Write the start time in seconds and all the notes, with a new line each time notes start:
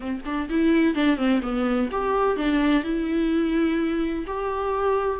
0.00 C4
0.25 D4
0.49 E4
0.94 D4
1.17 C4
1.42 B3
1.91 G4
2.36 D4
2.83 E4
4.26 G4